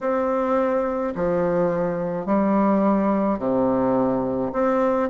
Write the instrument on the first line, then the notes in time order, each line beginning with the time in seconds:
bassoon
0.00 C4
1.15 F3
2.26 G3
3.39 C3
4.53 C4